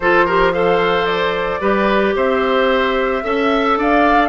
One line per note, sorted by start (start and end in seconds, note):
0.00 1.60 F3
0.00 0.28 F4
0.00 0.25 A4
0.00 0.52 C5
0.25 0.53 G4
0.25 0.52 A#4
0.52 1.60 A4
0.52 1.60 C5
0.52 1.06 F5
1.06 2.14 D5
1.60 2.14 G3
1.60 3.22 G4
1.60 2.14 B4
2.15 3.23 C4
2.15 3.24 C5
2.15 3.79 E5
3.22 3.77 C#4
3.22 4.28 A4
3.22 3.78 E5
3.77 4.28 D4
3.77 4.28 D5
3.77 4.28 F5